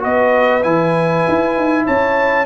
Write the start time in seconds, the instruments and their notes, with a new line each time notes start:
0.00 tuba B3, trombone F#4, horn B4, trumpet D#5
0.64 tuba E3, trombone E4, trumpet G#5
1.29 tuba E4
1.57 tuba D#4
1.86 tuba C#4, horn C#5, trumpet A5